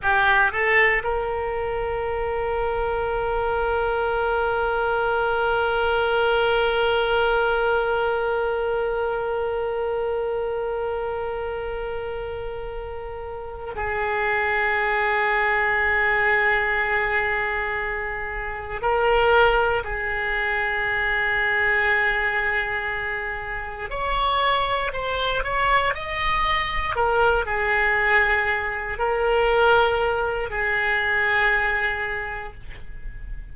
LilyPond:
\new Staff \with { instrumentName = "oboe" } { \time 4/4 \tempo 4 = 59 g'8 a'8 ais'2.~ | ais'1~ | ais'1~ | ais'4. gis'2~ gis'8~ |
gis'2~ gis'8 ais'4 gis'8~ | gis'2.~ gis'8 cis''8~ | cis''8 c''8 cis''8 dis''4 ais'8 gis'4~ | gis'8 ais'4. gis'2 | }